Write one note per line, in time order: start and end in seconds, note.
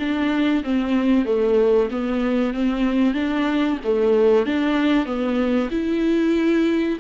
0.00 0.64 D4
0.64 1.26 C4
1.26 1.90 A3
1.91 2.54 B3
2.54 3.15 C4
3.15 3.79 D4
3.85 4.46 A3
4.46 5.06 D4
5.06 5.70 B3
5.71 6.99 E4